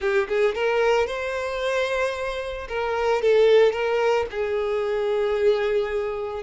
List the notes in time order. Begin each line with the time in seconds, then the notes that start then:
0.00 G4
0.28 G#4
0.55 A#4
1.06 C5
2.68 A#4
3.22 A4
3.72 A#4
4.31 G#4